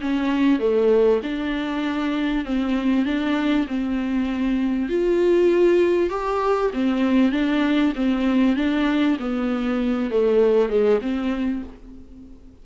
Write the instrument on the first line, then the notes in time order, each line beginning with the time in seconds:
viola
0.00 C#4
0.59 A3
1.23 D4
2.45 C4
3.05 D4
3.67 C4
4.88 F4
6.09 G4
6.73 C4
7.31 D4
7.95 C4
8.56 D4
9.19 B3
10.10 A3
10.68 G#3
11.01 C4